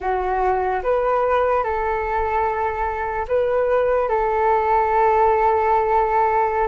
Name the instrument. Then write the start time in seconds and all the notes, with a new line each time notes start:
flute
0.00 F#4
0.83 B4
1.63 A4
3.28 B4
4.08 A4